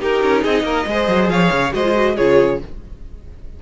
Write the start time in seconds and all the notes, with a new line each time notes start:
0.00 D#4 G4 A#4
0.23 C#4
0.43 C4 G#4 D#5
0.63 A#3 A#4
0.87 G#3 G#4 C5
1.08 F#3
1.29 F3 C#5 F5
1.52 C#3
1.73 G#3 F#4 C5 D#5
1.85 F4
1.95 F#4
2.16 C#3 F4 G#4 C#5